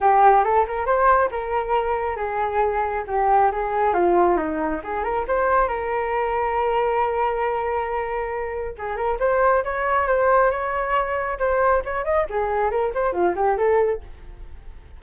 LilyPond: \new Staff \with { instrumentName = "flute" } { \time 4/4 \tempo 4 = 137 g'4 a'8 ais'8 c''4 ais'4~ | ais'4 gis'2 g'4 | gis'4 f'4 dis'4 gis'8 ais'8 | c''4 ais'2.~ |
ais'1 | gis'8 ais'8 c''4 cis''4 c''4 | cis''2 c''4 cis''8 dis''8 | gis'4 ais'8 c''8 f'8 g'8 a'4 | }